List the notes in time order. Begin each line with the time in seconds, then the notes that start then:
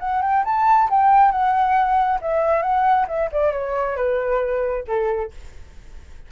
0.00 F#5
0.22 G5
0.45 A5
0.90 G5
1.32 F#5
2.22 E5
2.62 F#5
3.08 E5
3.32 D5
3.52 C#5
3.96 B4
4.87 A4